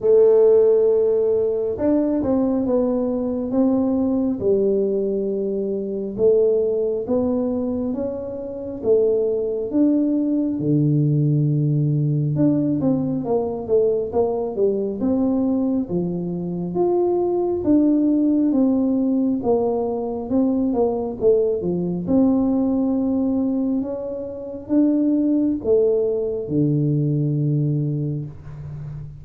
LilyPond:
\new Staff \with { instrumentName = "tuba" } { \time 4/4 \tempo 4 = 68 a2 d'8 c'8 b4 | c'4 g2 a4 | b4 cis'4 a4 d'4 | d2 d'8 c'8 ais8 a8 |
ais8 g8 c'4 f4 f'4 | d'4 c'4 ais4 c'8 ais8 | a8 f8 c'2 cis'4 | d'4 a4 d2 | }